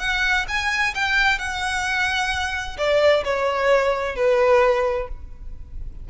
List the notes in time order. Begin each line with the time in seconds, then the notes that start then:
0.00 F#5
0.48 G#5
0.95 G5
1.39 F#5
2.78 D5
3.25 C#5
4.16 B4